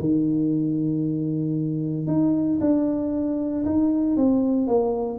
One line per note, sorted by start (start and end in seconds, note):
0.00 2.07 D#3
2.07 2.59 D#4
2.61 3.65 D4
3.66 4.17 D#4
4.17 4.68 C4
4.68 5.19 A#3